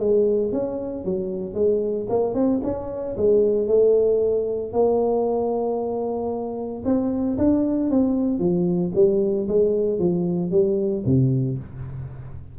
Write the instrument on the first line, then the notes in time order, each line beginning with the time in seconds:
tuba
0.00 G#3
0.53 C#4
1.05 F#3
1.55 G#3
2.10 A#3
2.35 C4
2.64 C#4
3.17 G#3
3.68 A3
4.73 A#3
6.85 C4
7.38 D4
7.91 C4
8.39 F3
8.95 G3
9.49 G#3
10.00 F3
10.51 G3
11.06 C3